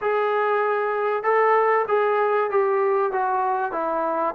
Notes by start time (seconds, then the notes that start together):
0.01 G#4
1.23 A4
1.88 G#4
2.50 G4
3.12 F#4
3.72 E4